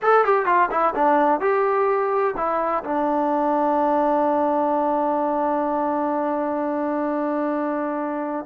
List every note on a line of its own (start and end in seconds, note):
0.02 0.25 A4
0.25 0.45 G4
0.45 0.69 F4
0.70 0.94 E4
0.95 1.40 D4
1.40 2.34 G4
2.37 2.83 E4
2.84 8.45 D4